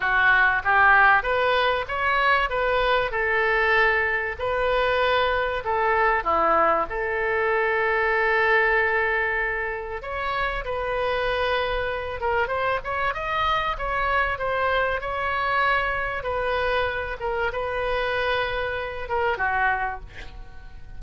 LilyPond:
\new Staff \with { instrumentName = "oboe" } { \time 4/4 \tempo 4 = 96 fis'4 g'4 b'4 cis''4 | b'4 a'2 b'4~ | b'4 a'4 e'4 a'4~ | a'1 |
cis''4 b'2~ b'8 ais'8 | c''8 cis''8 dis''4 cis''4 c''4 | cis''2 b'4. ais'8 | b'2~ b'8 ais'8 fis'4 | }